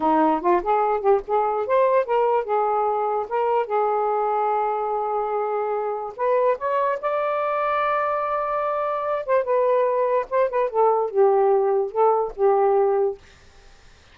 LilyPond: \new Staff \with { instrumentName = "saxophone" } { \time 4/4 \tempo 4 = 146 dis'4 f'8 gis'4 g'8 gis'4 | c''4 ais'4 gis'2 | ais'4 gis'2.~ | gis'2. b'4 |
cis''4 d''2.~ | d''2~ d''8 c''8 b'4~ | b'4 c''8 b'8 a'4 g'4~ | g'4 a'4 g'2 | }